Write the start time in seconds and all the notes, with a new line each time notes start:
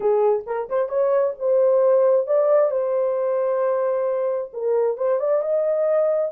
0.00 G#4
0.46 A#4
0.69 C5
0.89 C#5
1.39 C5
2.27 D5
2.70 C5
4.53 A#4
4.97 C5
5.19 D5
5.42 D#5